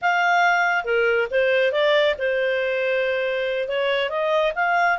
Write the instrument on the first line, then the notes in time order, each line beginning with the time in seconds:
clarinet
0.01 F5
0.84 A#4
1.30 C5
1.71 D5
2.18 C5
3.68 C#5
4.09 D#5
4.55 F5